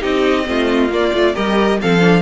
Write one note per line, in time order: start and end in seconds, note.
0.00 0.49 C4
0.00 0.44 D#4
0.00 0.46 G4
0.00 0.92 D#5
0.45 0.90 A3
0.45 0.90 C4
0.45 1.35 F4
0.90 1.12 A#3
0.90 1.13 A#3
0.90 1.36 D5
1.13 1.36 A3
1.13 1.34 F4
1.34 1.82 G3
1.34 1.79 G4
1.34 1.79 A#4
1.34 1.80 D#5
1.82 2.22 F3
1.82 2.00 C4
1.82 2.22 A4
1.82 2.22 F5
2.00 2.22 D4